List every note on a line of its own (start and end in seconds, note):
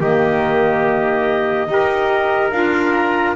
0.00 1.68 D#3
0.00 1.67 A#3
0.00 1.69 G4
0.00 2.51 D#5
1.67 2.52 D#4
1.67 2.51 G4
1.67 3.36 A#4
2.51 3.36 D4
2.51 3.35 F4
2.51 2.92 F5
2.92 3.35 A#5